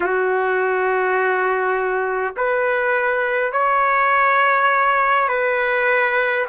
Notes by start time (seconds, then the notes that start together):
0.00 F#4
2.36 B4
3.52 C#5
5.28 B4